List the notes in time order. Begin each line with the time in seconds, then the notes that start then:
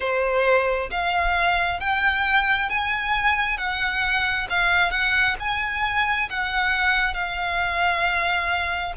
0.00 C5
0.90 F5
1.80 G5
2.69 G#5
3.57 F#5
4.49 F5
4.91 F#5
5.39 G#5
6.29 F#5
7.14 F5